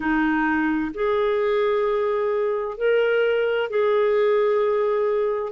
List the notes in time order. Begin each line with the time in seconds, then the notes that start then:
0.00 D#4
0.94 G#4
2.77 A#4
3.70 G#4